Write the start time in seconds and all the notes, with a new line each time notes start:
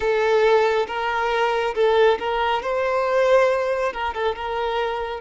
0.00 A4
0.87 A#4
1.74 A4
2.19 A#4
2.62 C5
3.92 A#4
4.13 A4
4.35 A#4